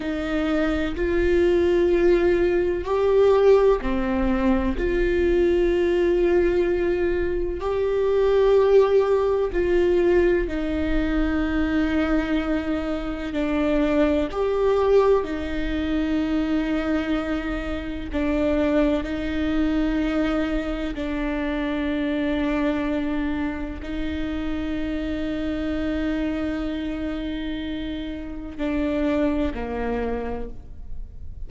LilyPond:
\new Staff \with { instrumentName = "viola" } { \time 4/4 \tempo 4 = 63 dis'4 f'2 g'4 | c'4 f'2. | g'2 f'4 dis'4~ | dis'2 d'4 g'4 |
dis'2. d'4 | dis'2 d'2~ | d'4 dis'2.~ | dis'2 d'4 ais4 | }